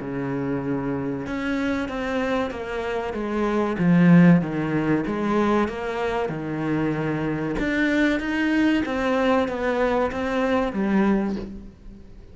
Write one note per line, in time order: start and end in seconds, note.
0.00 1.26 C#3
1.27 1.88 C#4
1.88 2.51 C4
2.51 3.13 A#3
3.13 3.77 G#3
3.78 4.41 F3
4.41 5.04 D#3
5.06 5.68 G#3
5.68 6.29 A#3
6.29 7.55 D#3
7.59 8.20 D4
8.20 8.83 D#4
8.85 9.48 C4
9.48 10.11 B3
10.11 10.73 C4
10.73 11.36 G3